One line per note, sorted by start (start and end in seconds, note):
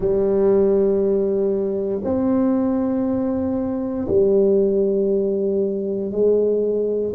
0.00 2.01 G3
2.03 4.07 C4
4.08 6.11 G3
6.11 7.13 G#3